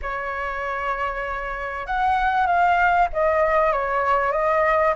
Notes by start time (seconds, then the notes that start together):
0.01 C#5
1.86 F#5
2.46 F5
3.12 D#5
3.72 C#5
4.32 D#5